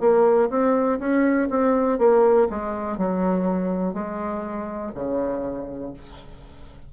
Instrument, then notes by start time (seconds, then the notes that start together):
bassoon
0.00 A#3
0.50 C4
0.99 C#4
1.50 C4
1.99 A#3
2.49 G#3
2.98 F#3
3.94 G#3
4.95 C#3